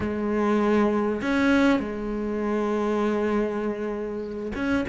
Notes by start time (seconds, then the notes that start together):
0.00 G#3
1.21 C#4
1.79 G#3
4.55 C#4